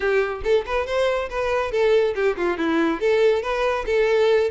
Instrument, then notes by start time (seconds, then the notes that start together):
violin
0.00 G4
0.43 A4
0.66 B4
0.86 C5
1.29 B4
1.71 A4
2.15 G4
2.36 F4
2.57 E4
3.00 A4
3.42 B4
3.86 A4